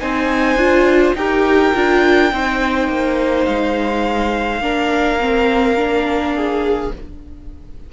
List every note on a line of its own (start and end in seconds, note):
0.00 0.56 C4
0.00 0.58 D#4
0.00 1.16 C5
0.00 1.15 G#5
0.56 1.13 D4
0.56 1.16 F4
1.15 1.72 D#4
1.15 1.73 G4
1.15 2.33 A#4
1.15 3.45 G5
1.73 2.32 D4
1.73 2.31 F4
2.31 2.88 C4
2.31 4.61 D#4
2.31 4.62 C5
2.88 3.46 A#3
3.45 4.60 G#3
3.45 6.91 F5
4.60 6.91 A#3
4.60 5.19 D4
4.60 6.35 A#4
5.20 5.76 C4
5.76 6.92 D4
6.35 6.93 G#4